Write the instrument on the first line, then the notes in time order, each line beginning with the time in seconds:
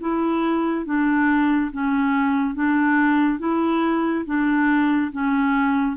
clarinet
0.00 E4
0.85 D4
1.71 C#4
2.54 D4
3.39 E4
4.25 D4
5.12 C#4